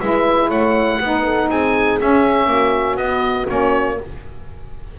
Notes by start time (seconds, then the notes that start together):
0.00 G#3 E4 B4 E5
0.48 A3 C#5 F#5
0.99 B3 D#4 B4
1.23 A4
1.49 C4 G#4 G#5
1.99 C#4 E5
2.46 A#3 F#4
2.96 B3 D#5
3.48 A#3 C#4 C#5